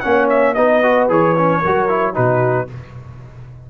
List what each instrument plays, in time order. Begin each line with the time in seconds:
0.00 tuba A#3, trombone C#4, horn C#5, trumpet F#5
0.29 trumpet E5
0.54 tuba B3, trombone D#4, horn B4, trumpet D#5
0.83 trombone F#4
1.09 tuba E3, trombone G#4, trumpet C#5
1.38 trombone C#4
1.61 tuba F#3, trombone F#4, horn A#4
1.89 trombone E4
2.14 tuba B2, trombone D#4, horn F#4, trumpet B4